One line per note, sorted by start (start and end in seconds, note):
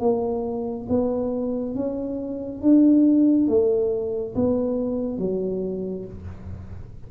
0.00 0.87 A#3
0.89 1.75 B3
1.75 2.62 C#4
2.62 3.48 D4
3.48 4.35 A3
4.35 5.19 B3
5.19 6.06 F#3